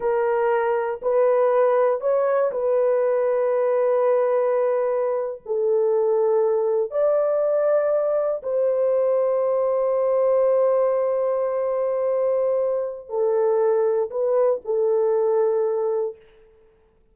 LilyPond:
\new Staff \with { instrumentName = "horn" } { \time 4/4 \tempo 4 = 119 ais'2 b'2 | cis''4 b'2.~ | b'2~ b'8. a'4~ a'16~ | a'4.~ a'16 d''2~ d''16~ |
d''8. c''2.~ c''16~ | c''1~ | c''2 a'2 | b'4 a'2. | }